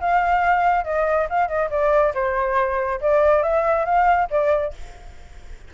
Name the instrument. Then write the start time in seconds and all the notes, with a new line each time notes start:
flute
0.00 F5
0.85 D#5
1.30 F5
1.48 D#5
1.71 D5
2.15 C5
3.01 D5
3.43 E5
3.86 F5
4.30 D5